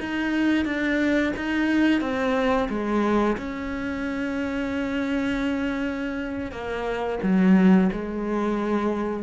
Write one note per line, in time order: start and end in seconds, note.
0.00 0.65 D#4
0.65 1.33 D4
1.36 2.01 D#4
2.01 2.68 C4
2.69 3.36 G#3
3.37 6.51 C#4
6.51 7.19 A#3
7.23 7.90 F#3
7.92 9.23 G#3